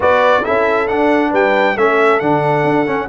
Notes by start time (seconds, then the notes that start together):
0.00 B3 F#4 B4 D5
0.43 C#4 E4 A4 E5
0.87 D4 F#5
1.30 G3 B4 G5
1.76 A3 C#4 A4 E5
2.19 D3 D4 F#5
2.63 D4
2.85 C#4